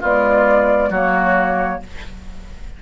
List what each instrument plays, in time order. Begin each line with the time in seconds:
0.00 clarinet G#3, bassoon B3, oboe F4, flute D5
0.90 bassoon F#3, clarinet A#3, oboe F#4, flute C#5